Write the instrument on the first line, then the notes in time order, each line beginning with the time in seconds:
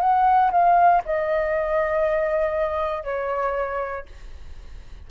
flute
0.00 F#5
0.51 F5
1.05 D#5
3.04 C#5